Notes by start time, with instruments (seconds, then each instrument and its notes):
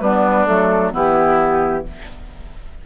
0.00 bassoon G3, clarinet B3, oboe D4, flute B4
0.46 bassoon F#3, clarinet A3, flute A4
0.92 bassoon E3, clarinet B3, oboe E4, flute G4